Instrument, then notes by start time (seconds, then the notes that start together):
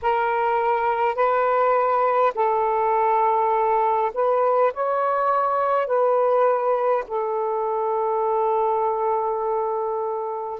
saxophone
0.02 A#4
1.15 B4
2.35 A4
4.13 B4
4.73 C#5
5.87 B4
7.07 A4